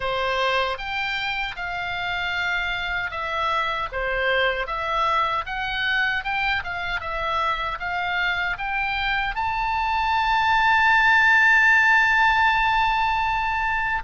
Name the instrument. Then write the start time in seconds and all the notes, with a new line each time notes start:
oboe
0.00 C5
0.78 G5
1.55 F5
3.11 E5
3.92 C5
4.66 E5
5.46 F#5
6.23 G5
6.63 F5
7.00 E5
7.79 F5
8.57 G5
9.35 A5